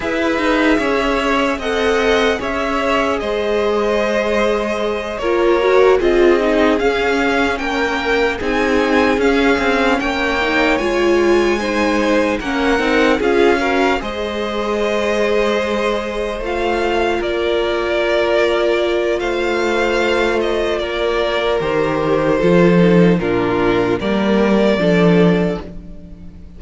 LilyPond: <<
  \new Staff \with { instrumentName = "violin" } { \time 4/4 \tempo 4 = 75 e''2 fis''4 e''4 | dis''2~ dis''8 cis''4 dis''8~ | dis''8 f''4 g''4 gis''4 f''8~ | f''8 g''4 gis''2 fis''8~ |
fis''8 f''4 dis''2~ dis''8~ | dis''8 f''4 d''2~ d''8 | f''4. dis''8 d''4 c''4~ | c''4 ais'4 d''2 | }
  \new Staff \with { instrumentName = "violin" } { \time 4/4 b'4 cis''4 dis''4 cis''4 | c''2~ c''8 ais'4 gis'8~ | gis'4. ais'4 gis'4.~ | gis'8 cis''2 c''4 ais'8~ |
ais'8 gis'8 ais'8 c''2~ c''8~ | c''4. ais'2~ ais'8 | c''2 ais'2 | a'4 f'4 ais'4 a'4 | }
  \new Staff \with { instrumentName = "viola" } { \time 4/4 gis'2 a'4 gis'4~ | gis'2~ gis'8 f'8 fis'8 f'8 | dis'8 cis'2 dis'4 cis'8~ | cis'4 dis'8 f'4 dis'4 cis'8 |
dis'8 f'8 fis'8 gis'2~ gis'8~ | gis'8 f'2.~ f'8~ | f'2. g'4 | f'8 dis'8 d'4 ais4 d'4 | }
  \new Staff \with { instrumentName = "cello" } { \time 4/4 e'8 dis'8 cis'4 c'4 cis'4 | gis2~ gis8 ais4 c'8~ | c'8 cis'4 ais4 c'4 cis'8 | c'8 ais4 gis2 ais8 |
c'8 cis'4 gis2~ gis8~ | gis8 a4 ais2~ ais8 | a2 ais4 dis4 | f4 ais,4 g4 f4 | }
>>